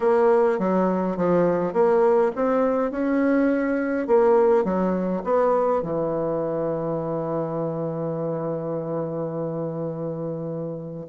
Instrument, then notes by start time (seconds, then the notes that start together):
bassoon
0.00 A#3
0.59 F#3
1.17 F3
1.73 A#3
2.35 C4
2.91 C#4
4.07 A#3
4.64 F#3
5.24 B3
5.82 E3